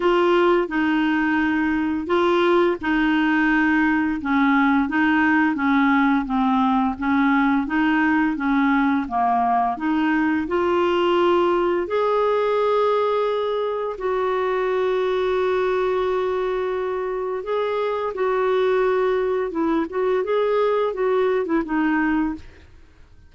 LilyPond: \new Staff \with { instrumentName = "clarinet" } { \time 4/4 \tempo 4 = 86 f'4 dis'2 f'4 | dis'2 cis'4 dis'4 | cis'4 c'4 cis'4 dis'4 | cis'4 ais4 dis'4 f'4~ |
f'4 gis'2. | fis'1~ | fis'4 gis'4 fis'2 | e'8 fis'8 gis'4 fis'8. e'16 dis'4 | }